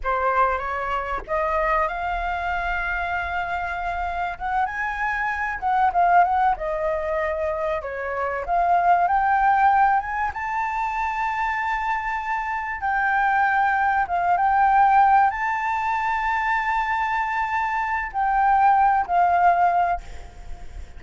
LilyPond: \new Staff \with { instrumentName = "flute" } { \time 4/4 \tempo 4 = 96 c''4 cis''4 dis''4 f''4~ | f''2. fis''8 gis''8~ | gis''4 fis''8 f''8 fis''8 dis''4.~ | dis''8 cis''4 f''4 g''4. |
gis''8 a''2.~ a''8~ | a''8 g''2 f''8 g''4~ | g''8 a''2.~ a''8~ | a''4 g''4. f''4. | }